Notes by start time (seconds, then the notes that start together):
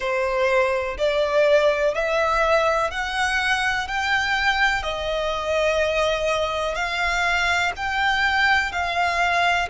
0.00 C5
0.98 D5
1.94 E5
2.90 F#5
3.87 G5
4.82 D#5
6.75 F5
7.76 G5
8.71 F5